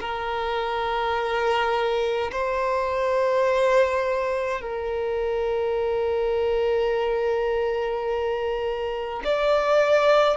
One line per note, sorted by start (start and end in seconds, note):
0.00 2.31 A#4
2.31 4.60 C5
4.60 9.22 A#4
9.24 10.37 D5